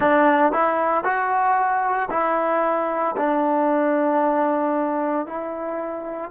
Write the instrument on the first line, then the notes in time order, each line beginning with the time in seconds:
trombone
0.00 D4
0.52 E4
1.03 F#4
2.10 E4
3.16 D4
5.26 E4